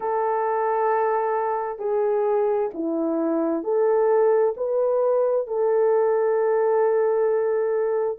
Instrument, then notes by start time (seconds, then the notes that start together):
horn
0.00 A4
1.78 G#4
2.74 E4
3.63 A4
4.56 B4
5.47 A4